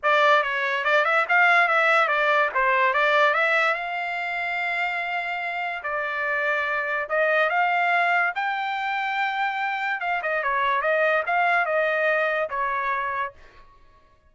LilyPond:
\new Staff \with { instrumentName = "trumpet" } { \time 4/4 \tempo 4 = 144 d''4 cis''4 d''8 e''8 f''4 | e''4 d''4 c''4 d''4 | e''4 f''2.~ | f''2 d''2~ |
d''4 dis''4 f''2 | g''1 | f''8 dis''8 cis''4 dis''4 f''4 | dis''2 cis''2 | }